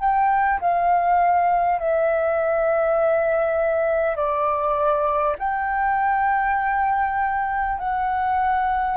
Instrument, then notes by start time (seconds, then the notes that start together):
flute
0.00 G5
0.61 F5
1.79 E5
4.16 D5
5.38 G5
7.78 F#5